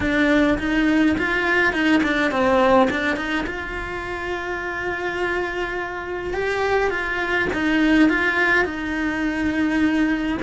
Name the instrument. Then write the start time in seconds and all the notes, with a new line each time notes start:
cello
0.00 D4
0.58 D#4
1.18 F4
1.73 D#4
2.03 D4
2.31 C4
2.90 D4
3.16 D#4
3.46 F4
6.33 G4
6.90 F4
7.53 D#4
8.09 F4
8.64 D#4